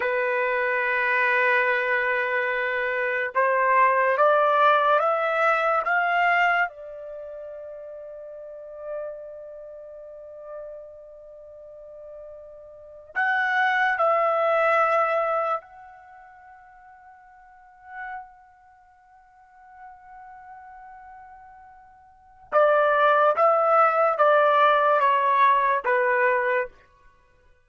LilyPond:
\new Staff \with { instrumentName = "trumpet" } { \time 4/4 \tempo 4 = 72 b'1 | c''4 d''4 e''4 f''4 | d''1~ | d''2.~ d''8. fis''16~ |
fis''8. e''2 fis''4~ fis''16~ | fis''1~ | fis''2. d''4 | e''4 d''4 cis''4 b'4 | }